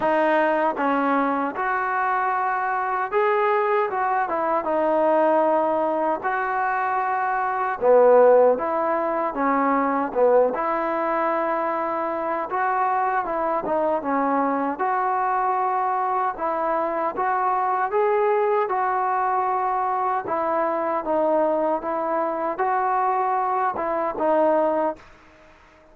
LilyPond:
\new Staff \with { instrumentName = "trombone" } { \time 4/4 \tempo 4 = 77 dis'4 cis'4 fis'2 | gis'4 fis'8 e'8 dis'2 | fis'2 b4 e'4 | cis'4 b8 e'2~ e'8 |
fis'4 e'8 dis'8 cis'4 fis'4~ | fis'4 e'4 fis'4 gis'4 | fis'2 e'4 dis'4 | e'4 fis'4. e'8 dis'4 | }